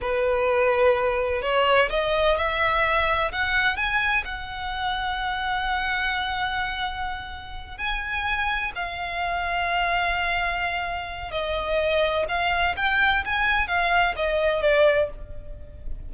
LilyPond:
\new Staff \with { instrumentName = "violin" } { \time 4/4 \tempo 4 = 127 b'2. cis''4 | dis''4 e''2 fis''4 | gis''4 fis''2.~ | fis''1~ |
fis''8 gis''2 f''4.~ | f''1 | dis''2 f''4 g''4 | gis''4 f''4 dis''4 d''4 | }